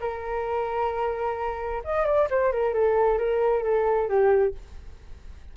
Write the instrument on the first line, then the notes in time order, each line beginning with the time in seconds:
flute
0.00 A#4
1.84 D#5
2.05 D5
2.30 C5
2.52 A#4
2.73 A4
3.18 A#4
3.63 A4
4.08 G4